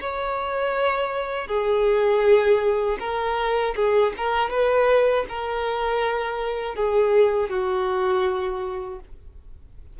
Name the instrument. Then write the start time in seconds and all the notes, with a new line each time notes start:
violin
0.00 C#5
1.47 G#4
2.99 A#4
3.75 G#4
4.17 A#4
4.50 B4
5.29 A#4
6.75 G#4
7.49 F#4